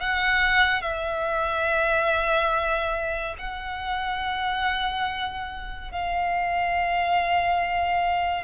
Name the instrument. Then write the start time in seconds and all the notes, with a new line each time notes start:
violin
0.00 F#5
0.81 E5
3.38 F#5
5.92 F5